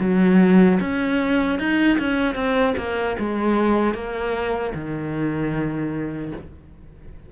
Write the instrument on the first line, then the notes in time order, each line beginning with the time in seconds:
cello
0.00 F#3
0.80 C#4
1.59 D#4
1.98 C#4
2.35 C4
2.77 A#3
3.19 G#3
3.94 A#3
4.74 D#3